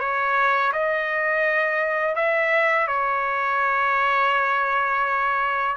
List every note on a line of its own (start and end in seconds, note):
0.00 0.72 C#5
0.73 2.16 D#5
2.16 2.88 E5
2.88 5.77 C#5